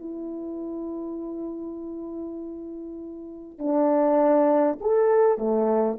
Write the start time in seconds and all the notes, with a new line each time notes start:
0.00 E4
3.59 D4
4.81 A4
5.38 A3